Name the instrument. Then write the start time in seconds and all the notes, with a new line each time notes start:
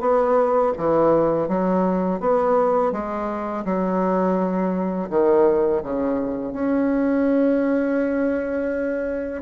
bassoon
0.00 B3
0.77 E3
1.48 F#3
2.20 B3
2.92 G#3
3.65 F#3
5.09 D#3
5.83 C#3
6.53 C#4